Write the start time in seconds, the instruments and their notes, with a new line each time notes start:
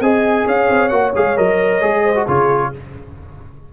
0.00 tuba C4, trombone G#4, horn D#5, trumpet G#5
0.46 tuba C#4, horn C#5, trumpet F5
0.69 tuba C4
0.88 tuba A#3, trombone F#4, trumpet F#5
1.15 tuba G#3, trombone G#4, trumpet F5
1.36 tuba F#3, trombone A#4, trumpet D#5
1.81 tuba G#3, trombone G#4
2.03 horn C5
2.15 trombone F#4
2.25 tuba C#3, trombone F4, horn G#4, trumpet C#5